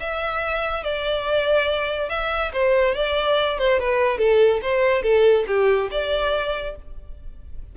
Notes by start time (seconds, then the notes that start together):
0.00 E5
0.83 D5
2.09 E5
2.53 C5
2.95 D5
3.58 C5
3.79 B4
4.18 A4
4.62 C5
5.02 A4
5.47 G4
5.91 D5